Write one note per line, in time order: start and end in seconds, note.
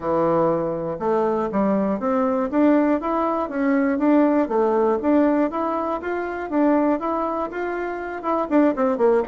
0.00 0.97 E3
0.99 1.49 A3
1.52 1.99 G3
1.99 2.49 C4
2.50 3.00 D4
3.00 3.49 E4
3.49 3.98 C#4
3.98 4.48 D4
4.48 4.98 A3
5.02 5.50 D4
5.50 6.00 E4
6.01 6.50 F4
6.50 6.99 D4
6.99 7.49 E4
7.51 8.22 F4
8.22 8.47 E4
8.49 8.74 D4
8.75 8.97 C4
8.97 9.22 A#3